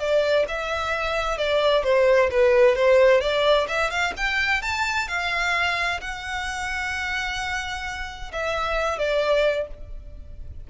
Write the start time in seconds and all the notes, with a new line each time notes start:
0.00 D5
0.49 E5
1.38 D5
1.84 C5
2.31 B4
2.76 C5
3.21 D5
3.69 E5
3.91 F5
4.17 G5
4.62 A5
5.09 F5
6.01 F#5
8.33 E5
8.99 D5